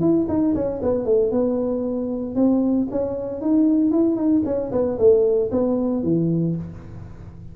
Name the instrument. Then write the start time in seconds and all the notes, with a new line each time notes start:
tuba
0.00 E4
0.28 D#4
0.54 C#4
0.82 B3
1.05 A3
1.31 B3
2.35 C4
2.91 C#4
3.41 D#4
3.91 E4
4.15 D#4
4.45 C#4
4.71 B3
4.98 A3
5.51 B3
6.03 E3